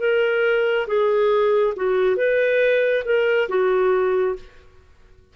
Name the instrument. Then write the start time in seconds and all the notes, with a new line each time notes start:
clarinet
0.00 A#4
0.87 G#4
1.76 F#4
2.17 B4
3.05 A#4
3.49 F#4